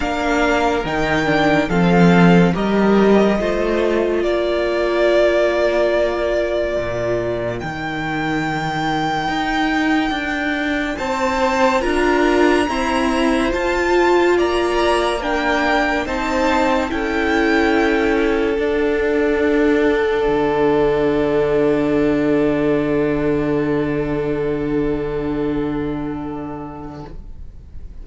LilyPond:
<<
  \new Staff \with { instrumentName = "violin" } { \time 4/4 \tempo 4 = 71 f''4 g''4 f''4 dis''4~ | dis''4 d''2.~ | d''4 g''2.~ | g''4 a''4 ais''2 |
a''4 ais''4 g''4 a''4 | g''2 fis''2~ | fis''1~ | fis''1 | }
  \new Staff \with { instrumentName = "violin" } { \time 4/4 ais'2 a'4 ais'4 | c''4 ais'2.~ | ais'1~ | ais'4 c''4 ais'4 c''4~ |
c''4 d''4 ais'4 c''4 | a'1~ | a'1~ | a'1 | }
  \new Staff \with { instrumentName = "viola" } { \time 4/4 d'4 dis'8 d'8 c'4 g'4 | f'1~ | f'4 dis'2.~ | dis'2 f'4 c'4 |
f'2 d'4 dis'4 | e'2 d'2~ | d'1~ | d'1 | }
  \new Staff \with { instrumentName = "cello" } { \time 4/4 ais4 dis4 f4 g4 | a4 ais2. | ais,4 dis2 dis'4 | d'4 c'4 d'4 e'4 |
f'4 ais2 c'4 | cis'2 d'2 | d1~ | d1 | }
>>